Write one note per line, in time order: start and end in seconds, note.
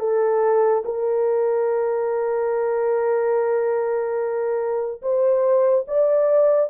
0.00 0.83 A4
0.85 5.02 A#4
5.02 5.86 C5
5.88 6.70 D5